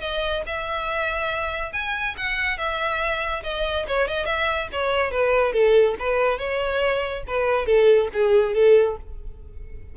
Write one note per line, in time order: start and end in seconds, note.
0.00 0.43 D#5
0.46 1.72 E5
1.72 2.15 G#5
2.17 2.57 F#5
2.57 3.42 E5
3.43 3.85 D#5
3.87 4.08 C#5
4.08 4.25 D#5
4.25 4.68 E5
4.72 5.11 C#5
5.11 5.52 B4
5.52 5.95 A4
5.99 6.38 B4
6.38 7.23 C#5
7.27 7.66 B4
7.66 8.08 A4
8.13 8.54 G#4
8.54 8.96 A4